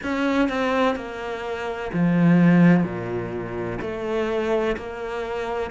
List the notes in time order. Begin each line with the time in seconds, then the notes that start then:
0.03 C#4
0.48 C4
0.95 A#3
1.93 F3
2.83 A#2
3.81 A3
4.77 A#3